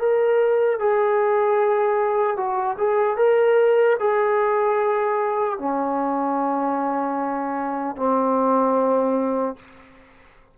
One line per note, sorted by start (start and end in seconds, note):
0.00 0.80 A#4
0.80 2.37 G#4
2.37 2.77 F#4
2.78 3.17 G#4
3.17 3.97 A#4
4.00 5.59 G#4
5.59 7.97 C#4
7.97 9.57 C4